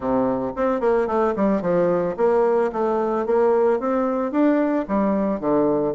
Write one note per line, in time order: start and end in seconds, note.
0.00 0.52 C3
0.56 0.80 C4
0.80 1.07 A#3
1.07 1.34 A3
1.35 1.61 G3
1.61 2.15 F3
2.16 2.71 A#3
2.72 3.26 A3
3.26 3.79 A#3
3.79 4.31 C4
4.31 4.85 D4
4.88 5.40 G3
5.40 5.94 D3